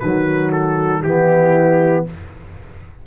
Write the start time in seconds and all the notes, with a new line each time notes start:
0.00 D#3 F#3 F#4 B4
0.52 A4
1.03 E3 B3 E4 G4